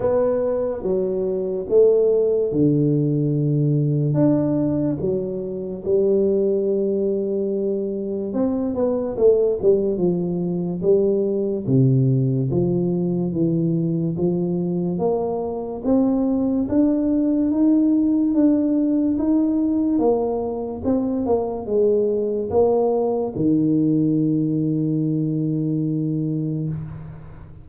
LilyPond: \new Staff \with { instrumentName = "tuba" } { \time 4/4 \tempo 4 = 72 b4 fis4 a4 d4~ | d4 d'4 fis4 g4~ | g2 c'8 b8 a8 g8 | f4 g4 c4 f4 |
e4 f4 ais4 c'4 | d'4 dis'4 d'4 dis'4 | ais4 c'8 ais8 gis4 ais4 | dis1 | }